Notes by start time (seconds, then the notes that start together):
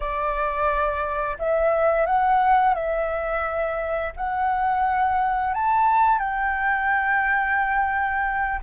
0.00 D5
1.38 E5
2.06 F#5
2.74 E5
4.16 F#5
5.53 A5
6.18 G5